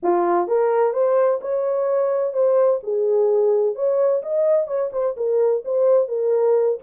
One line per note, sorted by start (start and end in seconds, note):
0.02 0.47 F4
0.47 0.93 A#4
0.93 1.40 C5
1.41 2.33 C#5
2.33 2.80 C5
2.83 3.75 G#4
3.75 4.22 C#5
4.22 4.67 D#5
4.67 4.90 C#5
4.92 5.15 C5
5.16 5.63 A#4
5.65 6.08 C5
6.08 6.78 A#4